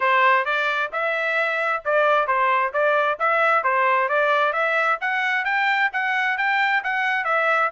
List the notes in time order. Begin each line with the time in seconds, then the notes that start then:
0.00 C5
0.45 D5
0.92 E5
1.85 D5
2.27 C5
2.73 D5
3.19 E5
3.63 C5
4.08 D5
4.52 E5
5.00 F#5
5.44 G5
5.92 F#5
6.37 G5
6.83 F#5
7.24 E5